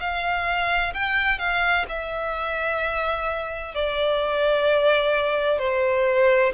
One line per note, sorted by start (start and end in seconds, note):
0.00 0.94 F5
0.94 1.39 G5
1.39 1.86 F5
1.89 3.75 E5
3.75 5.59 D5
5.59 6.53 C5